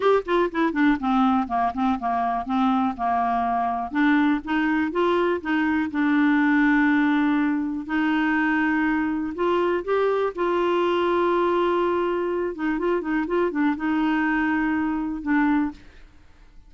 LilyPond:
\new Staff \with { instrumentName = "clarinet" } { \time 4/4 \tempo 4 = 122 g'8 f'8 e'8 d'8 c'4 ais8 c'8 | ais4 c'4 ais2 | d'4 dis'4 f'4 dis'4 | d'1 |
dis'2. f'4 | g'4 f'2.~ | f'4. dis'8 f'8 dis'8 f'8 d'8 | dis'2. d'4 | }